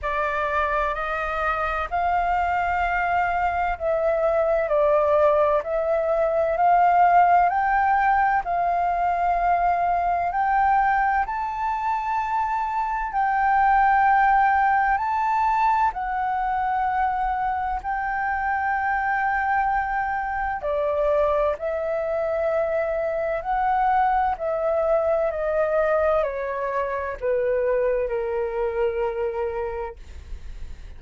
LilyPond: \new Staff \with { instrumentName = "flute" } { \time 4/4 \tempo 4 = 64 d''4 dis''4 f''2 | e''4 d''4 e''4 f''4 | g''4 f''2 g''4 | a''2 g''2 |
a''4 fis''2 g''4~ | g''2 d''4 e''4~ | e''4 fis''4 e''4 dis''4 | cis''4 b'4 ais'2 | }